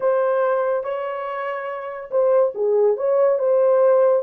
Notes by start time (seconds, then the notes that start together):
0.00 C5
0.83 C#5
2.10 C5
2.54 G#4
2.96 C#5
3.38 C5